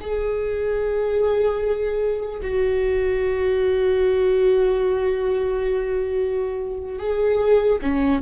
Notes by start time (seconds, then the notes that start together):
0.00 G#4
2.41 F#4
6.99 G#4
7.81 C#4